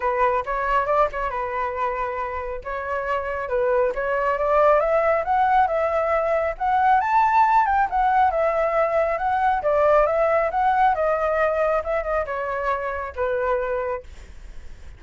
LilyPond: \new Staff \with { instrumentName = "flute" } { \time 4/4 \tempo 4 = 137 b'4 cis''4 d''8 cis''8 b'4~ | b'2 cis''2 | b'4 cis''4 d''4 e''4 | fis''4 e''2 fis''4 |
a''4. g''8 fis''4 e''4~ | e''4 fis''4 d''4 e''4 | fis''4 dis''2 e''8 dis''8 | cis''2 b'2 | }